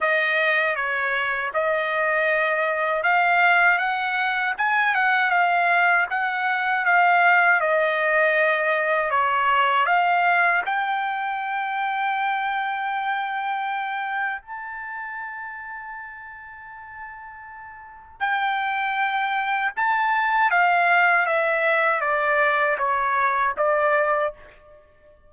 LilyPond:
\new Staff \with { instrumentName = "trumpet" } { \time 4/4 \tempo 4 = 79 dis''4 cis''4 dis''2 | f''4 fis''4 gis''8 fis''8 f''4 | fis''4 f''4 dis''2 | cis''4 f''4 g''2~ |
g''2. a''4~ | a''1 | g''2 a''4 f''4 | e''4 d''4 cis''4 d''4 | }